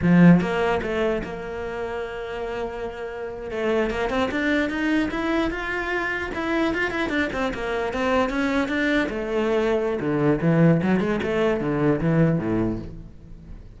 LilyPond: \new Staff \with { instrumentName = "cello" } { \time 4/4 \tempo 4 = 150 f4 ais4 a4 ais4~ | ais1~ | ais8. a4 ais8 c'8 d'4 dis'16~ | dis'8. e'4 f'2 e'16~ |
e'8. f'8 e'8 d'8 c'8 ais4 c'16~ | c'8. cis'4 d'4 a4~ a16~ | a4 d4 e4 fis8 gis8 | a4 d4 e4 a,4 | }